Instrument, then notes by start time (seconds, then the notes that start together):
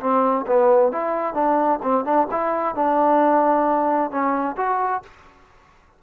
trombone
0.00 C4
0.46 B3
0.92 E4
1.34 D4
1.82 C4
2.05 D4
2.31 E4
2.75 D4
4.11 C#4
4.57 F#4